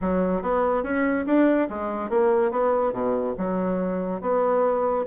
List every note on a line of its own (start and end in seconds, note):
0.01 0.42 F#3
0.42 0.83 B3
0.83 1.25 C#4
1.26 1.68 D4
1.69 2.09 G#3
2.09 2.51 A#3
2.51 2.92 B3
2.92 3.34 B2
3.37 4.21 F#3
4.21 5.05 B3